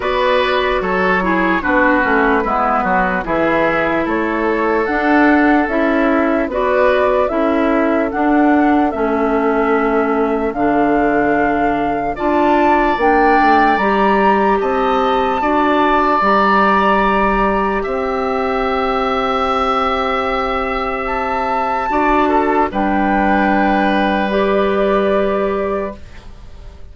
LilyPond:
<<
  \new Staff \with { instrumentName = "flute" } { \time 4/4 \tempo 4 = 74 d''4 cis''4 b'2 | e''4 cis''4 fis''4 e''4 | d''4 e''4 fis''4 e''4~ | e''4 f''2 a''4 |
g''4 ais''4 a''2 | ais''2 g''2~ | g''2 a''2 | g''2 d''2 | }
  \new Staff \with { instrumentName = "oboe" } { \time 4/4 b'4 a'8 gis'8 fis'4 e'8 fis'8 | gis'4 a'2. | b'4 a'2.~ | a'2. d''4~ |
d''2 dis''4 d''4~ | d''2 e''2~ | e''2. d''8 a'8 | b'1 | }
  \new Staff \with { instrumentName = "clarinet" } { \time 4/4 fis'4. e'8 d'8 cis'8 b4 | e'2 d'4 e'4 | fis'4 e'4 d'4 cis'4~ | cis'4 d'2 f'4 |
d'4 g'2 fis'4 | g'1~ | g'2. fis'4 | d'2 g'2 | }
  \new Staff \with { instrumentName = "bassoon" } { \time 4/4 b4 fis4 b8 a8 gis8 fis8 | e4 a4 d'4 cis'4 | b4 cis'4 d'4 a4~ | a4 d2 d'4 |
ais8 a8 g4 c'4 d'4 | g2 c'2~ | c'2. d'4 | g1 | }
>>